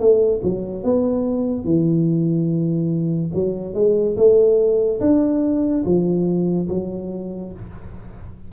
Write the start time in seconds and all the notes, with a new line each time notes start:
0.00 A3
0.44 F#3
0.84 B3
1.65 E3
3.34 F#3
3.75 G#3
4.17 A3
5.01 D4
5.86 F3
6.69 F#3